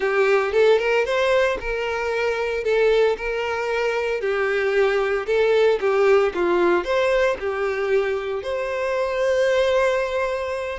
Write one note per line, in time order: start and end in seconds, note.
0.00 0.52 G4
0.52 0.78 A4
0.78 1.05 A#4
1.05 1.58 C5
1.60 2.63 A#4
2.63 3.16 A4
3.17 4.20 A#4
4.20 5.26 G4
5.26 5.79 A4
5.80 6.33 G4
6.34 6.84 F4
6.84 7.37 C5
7.39 8.42 G4
8.42 10.79 C5